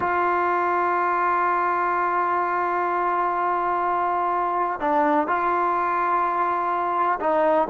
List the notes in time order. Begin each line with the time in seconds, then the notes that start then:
0.00 F4
4.80 D4
5.27 F4
7.20 D#4